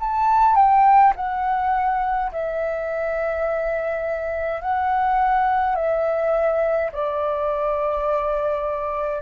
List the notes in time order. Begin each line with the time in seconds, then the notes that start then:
0.00 A5
0.56 G5
1.16 F#5
2.32 E5
4.62 F#5
5.76 E5
6.92 D5